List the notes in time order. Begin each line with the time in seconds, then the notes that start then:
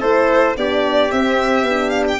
0.00 A3 E4 A4 C5
0.57 B3 D4 G4 D5
1.11 C4 E5
1.63 B3
1.69 D4
1.90 F5
2.08 G5